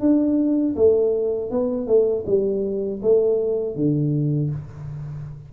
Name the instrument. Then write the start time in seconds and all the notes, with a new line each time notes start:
tuba
0.00 D4
0.76 A3
1.51 B3
1.87 A3
2.26 G3
3.02 A3
3.75 D3